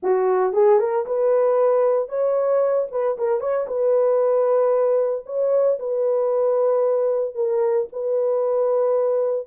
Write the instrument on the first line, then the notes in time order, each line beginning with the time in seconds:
horn
0.02 F#4
0.53 G#4
0.79 A#4
1.06 B4
2.08 C#5
2.91 B4
3.17 A#4
3.40 C#5
3.67 B4
5.26 C#5
5.79 B4
7.34 A#4
7.92 B4